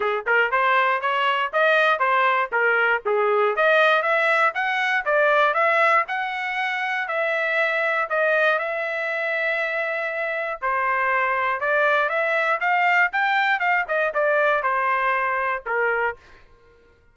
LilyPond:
\new Staff \with { instrumentName = "trumpet" } { \time 4/4 \tempo 4 = 119 gis'8 ais'8 c''4 cis''4 dis''4 | c''4 ais'4 gis'4 dis''4 | e''4 fis''4 d''4 e''4 | fis''2 e''2 |
dis''4 e''2.~ | e''4 c''2 d''4 | e''4 f''4 g''4 f''8 dis''8 | d''4 c''2 ais'4 | }